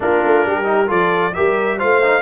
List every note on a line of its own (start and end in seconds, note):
0.00 0.21 A#3
0.00 0.64 D4
0.00 0.47 F4
0.00 0.90 A#4
0.24 0.46 A3
0.46 0.90 G3
0.46 0.87 G4
0.64 0.86 D#4
0.87 1.35 F3
0.87 1.32 F4
0.87 1.32 A4
0.87 1.34 D5
1.34 1.82 G3
1.34 1.79 G4
1.34 1.77 A#4
1.34 1.78 E5
1.77 2.22 A3
1.77 2.02 F4
1.77 2.22 C5
1.77 2.22 F5
2.03 2.22 D#4